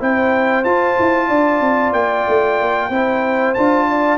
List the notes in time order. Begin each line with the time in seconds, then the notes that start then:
0.00 C4 E4 C5 G5
0.64 F4 A5
1.00 E4
1.28 D4 D5
1.61 C4
1.93 A#3 G5
2.28 A3
2.60 A#3
2.90 C4 E4 C5
3.54 D4 F4 A5
3.89 D5